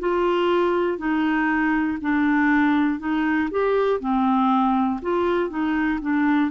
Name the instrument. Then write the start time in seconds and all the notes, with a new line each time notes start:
clarinet
0.00 F4
0.99 D#4
2.02 D4
3.00 D#4
3.51 G4
4.00 C4
5.02 F4
5.50 D#4
6.02 D4